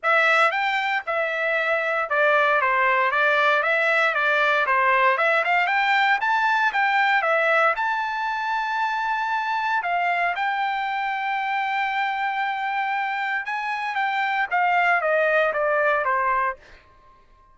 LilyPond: \new Staff \with { instrumentName = "trumpet" } { \time 4/4 \tempo 4 = 116 e''4 g''4 e''2 | d''4 c''4 d''4 e''4 | d''4 c''4 e''8 f''8 g''4 | a''4 g''4 e''4 a''4~ |
a''2. f''4 | g''1~ | g''2 gis''4 g''4 | f''4 dis''4 d''4 c''4 | }